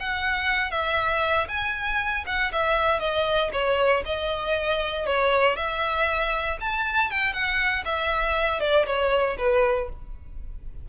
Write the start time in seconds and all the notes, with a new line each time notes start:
0.00 F#5
0.72 E5
1.49 G#5
2.27 F#5
2.53 E5
3.00 D#5
3.53 C#5
4.06 D#5
5.07 C#5
5.57 E5
6.61 A5
7.11 G5
7.33 F#5
7.86 E5
8.61 D5
8.87 C#5
9.38 B4